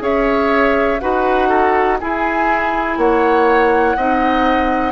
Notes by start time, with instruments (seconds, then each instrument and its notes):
0.00 bassoon C#4, clarinet G#4, oboe C#5, flute E5
1.00 bassoon D#4, clarinet F#4, oboe B4, flute F#5
1.49 oboe A4
2.00 clarinet E4, bassoon E4, oboe G#4, flute G#5
2.97 bassoon A#3, oboe C#5, flute F#5
3.96 bassoon C4, clarinet D#4, oboe D#5